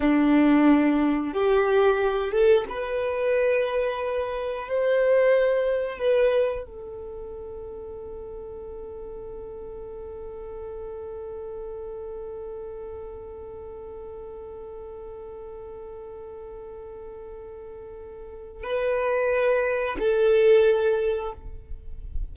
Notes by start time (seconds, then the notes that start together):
0.00 D4
1.33 G4
2.32 A4
2.69 B4
4.68 C5
5.98 B4
6.65 A4
18.63 B4
19.99 A4